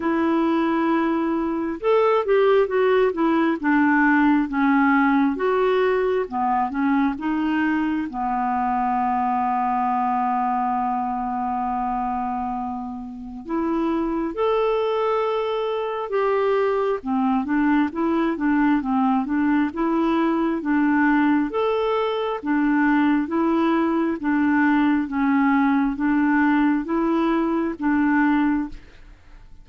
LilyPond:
\new Staff \with { instrumentName = "clarinet" } { \time 4/4 \tempo 4 = 67 e'2 a'8 g'8 fis'8 e'8 | d'4 cis'4 fis'4 b8 cis'8 | dis'4 b2.~ | b2. e'4 |
a'2 g'4 c'8 d'8 | e'8 d'8 c'8 d'8 e'4 d'4 | a'4 d'4 e'4 d'4 | cis'4 d'4 e'4 d'4 | }